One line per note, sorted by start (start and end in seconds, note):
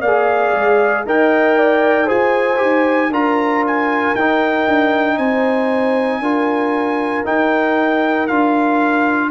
0.00 0.52 A#3
0.00 1.04 D5
0.00 1.05 F5
0.06 1.06 G#4
0.53 1.05 G#3
1.05 2.09 D#4
1.05 2.07 A#4
1.05 1.58 D#5
1.05 2.09 G5
1.58 2.06 D5
2.06 2.61 F4
2.06 2.57 G#4
2.06 3.09 C5
2.06 3.12 G#5
2.57 3.09 D#4
2.57 3.08 G4
3.09 4.12 D4
3.09 4.16 F4
3.09 5.17 A#4
3.09 3.65 A#5
3.67 4.15 G#5
4.15 4.66 D#4
4.15 6.22 D#4
4.15 5.17 G5
4.67 5.17 D4
5.17 6.19 C4
5.17 6.21 C5
5.17 7.24 G#5
6.19 7.23 D4
6.19 7.25 F4
6.19 9.31 A#4
7.25 8.28 D#4
7.25 8.30 D#4
7.25 8.27 G5
8.27 9.31 D4
8.27 9.31 F4
8.27 9.30 F5